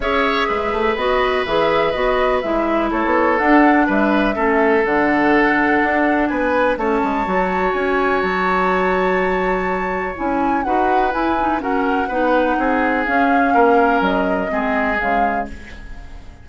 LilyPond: <<
  \new Staff \with { instrumentName = "flute" } { \time 4/4 \tempo 4 = 124 e''2 dis''4 e''4 | dis''4 e''4 cis''4 fis''4 | e''2 fis''2~ | fis''4 gis''4 a''2 |
gis''4 a''2.~ | a''4 gis''4 fis''4 gis''4 | fis''2. f''4~ | f''4 dis''2 f''4 | }
  \new Staff \with { instrumentName = "oboe" } { \time 4/4 cis''4 b'2.~ | b'2 a'2 | b'4 a'2.~ | a'4 b'4 cis''2~ |
cis''1~ | cis''2 b'2 | ais'4 b'4 gis'2 | ais'2 gis'2 | }
  \new Staff \with { instrumentName = "clarinet" } { \time 4/4 gis'2 fis'4 gis'4 | fis'4 e'2 d'4~ | d'4 cis'4 d'2~ | d'2 cis'4 fis'4~ |
fis'1~ | fis'4 e'4 fis'4 e'8 dis'8 | cis'4 dis'2 cis'4~ | cis'2 c'4 gis4 | }
  \new Staff \with { instrumentName = "bassoon" } { \time 4/4 cis'4 gis8 a8 b4 e4 | b4 gis4 a16 b8. d'4 | g4 a4 d2 | d'4 b4 a8 gis8 fis4 |
cis'4 fis2.~ | fis4 cis'4 dis'4 e'4 | fis'4 b4 c'4 cis'4 | ais4 fis4 gis4 cis4 | }
>>